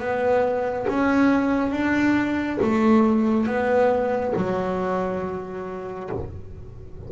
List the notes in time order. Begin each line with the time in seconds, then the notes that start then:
0.00 B3
0.89 C#4
1.72 D4
2.62 A3
3.47 B3
4.37 F#3